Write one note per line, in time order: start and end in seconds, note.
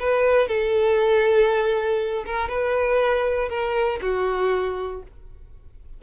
0.00 0.49 B4
0.49 2.25 A4
2.26 2.49 A#4
2.49 3.50 B4
3.50 4.00 A#4
4.02 5.03 F#4